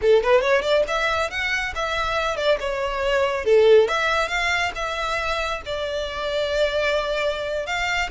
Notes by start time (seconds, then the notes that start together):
0.01 A4
0.23 B4
0.41 C#5
0.62 D5
0.87 E5
1.30 F#5
1.75 E5
2.36 D5
2.59 C#5
3.44 A4
3.88 E5
4.28 F5
4.75 E5
5.65 D5
7.66 F5